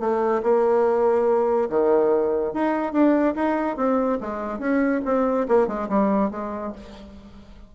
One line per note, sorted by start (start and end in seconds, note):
0.00 0.42 A3
0.43 1.69 A#3
1.70 2.53 D#3
2.53 2.93 D#4
2.93 3.35 D4
3.35 3.77 D#4
3.77 4.19 C4
4.21 4.59 G#3
4.59 5.01 C#4
5.05 5.47 C4
5.48 5.68 A#3
5.68 5.89 G#3
5.89 6.31 G3
6.31 6.73 G#3